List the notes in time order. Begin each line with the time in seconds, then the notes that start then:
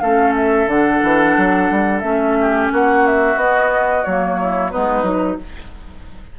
0.00 A3 C#4 A4 F5
0.36 E5
0.67 D3 D4 F#5
1.03 E3
1.37 F#3
1.71 G3
2.00 A3 C#4 E5
2.41 G4
2.72 A#3 F#4 F#5
3.07 E5
3.36 B3 D#5
4.04 F#3 A#3 C#5
4.41 E4
4.71 G#3 B3 D#4 B4
5.03 F#3 D#4